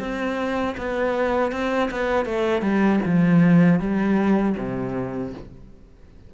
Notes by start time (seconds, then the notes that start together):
0.00 C4
0.78 B3
1.52 C4
1.91 B3
2.25 A3
2.62 G3
3.06 F3
3.80 G3
4.58 C3